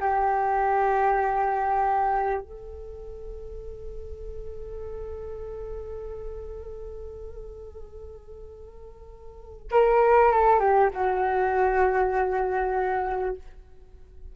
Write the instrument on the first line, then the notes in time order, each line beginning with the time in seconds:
flute
0.00 G4
2.41 A4
9.71 A#4
10.32 A4
10.60 G4
10.93 F#4